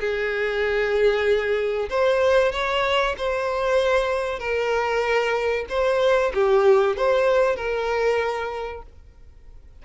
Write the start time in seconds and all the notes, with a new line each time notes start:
0.00 G#4
1.90 C5
2.52 C#5
3.18 C5
4.40 A#4
5.69 C5
6.34 G4
6.97 C5
7.56 A#4